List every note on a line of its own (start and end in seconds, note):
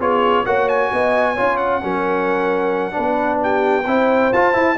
0.00 0.45 B3
0.00 0.46 F4
0.00 0.45 G#4
0.00 0.46 C#5
0.45 0.91 A#3
0.45 1.37 F#4
0.45 0.90 C#5
0.45 0.69 F#5
0.69 1.57 G#5
0.93 1.38 B3
0.93 1.33 D#5
1.33 1.82 F4
1.33 1.79 C#5
1.39 1.83 C#4
1.57 3.39 F#5
1.82 2.97 F#3
1.82 2.92 C#4
1.82 2.95 A#4
2.92 3.83 D4
2.92 3.40 B4
2.98 3.86 B3
3.42 3.84 G4
3.42 4.33 G5
3.84 4.32 C4
3.84 4.33 E4
3.84 4.75 C5
4.33 4.55 F4
4.33 4.53 F4
4.33 4.78 A5
4.53 4.76 E4
4.53 4.78 E4